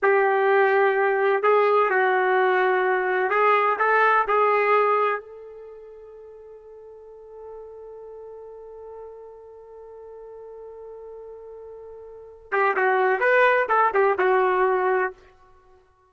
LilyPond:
\new Staff \with { instrumentName = "trumpet" } { \time 4/4 \tempo 4 = 127 g'2. gis'4 | fis'2. gis'4 | a'4 gis'2 a'4~ | a'1~ |
a'1~ | a'1~ | a'2~ a'8 g'8 fis'4 | b'4 a'8 g'8 fis'2 | }